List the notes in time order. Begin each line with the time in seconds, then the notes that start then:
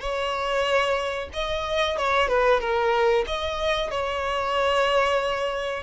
0.00 C#5
1.33 D#5
1.98 C#5
2.28 B4
2.60 A#4
3.26 D#5
3.90 C#5